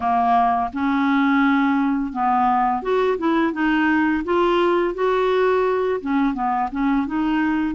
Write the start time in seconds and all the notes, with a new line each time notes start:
0.00 A#3
0.73 C#4
2.12 B3
2.82 F#4
3.18 E4
3.53 D#4
4.24 F4
4.94 F#4
6.01 C#4
6.34 B3
6.71 C#4
7.07 D#4